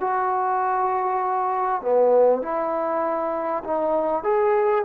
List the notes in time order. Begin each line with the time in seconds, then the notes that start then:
0.00 F#4
1.81 B3
2.42 E4
3.64 D#4
4.23 G#4